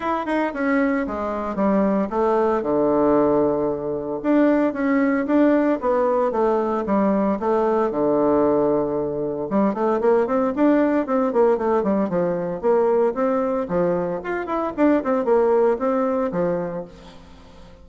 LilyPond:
\new Staff \with { instrumentName = "bassoon" } { \time 4/4 \tempo 4 = 114 e'8 dis'8 cis'4 gis4 g4 | a4 d2. | d'4 cis'4 d'4 b4 | a4 g4 a4 d4~ |
d2 g8 a8 ais8 c'8 | d'4 c'8 ais8 a8 g8 f4 | ais4 c'4 f4 f'8 e'8 | d'8 c'8 ais4 c'4 f4 | }